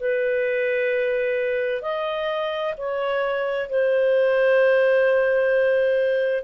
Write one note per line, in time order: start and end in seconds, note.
0.00 1.82 B4
1.82 2.74 D#5
2.78 3.70 C#5
3.70 6.44 C5